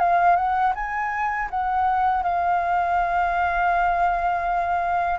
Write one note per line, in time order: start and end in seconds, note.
0.00 0.37 F5
0.37 0.74 F#5
0.75 1.49 G#5
1.51 2.23 F#5
2.23 5.20 F5